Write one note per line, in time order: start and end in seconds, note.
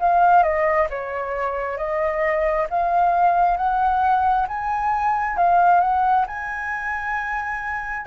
0.00 0.43 F5
0.43 0.88 D#5
0.90 1.78 C#5
1.78 2.67 D#5
2.70 3.57 F5
3.57 4.47 F#5
4.48 5.37 G#5
5.37 5.81 F5
5.81 6.26 F#5
6.28 8.07 G#5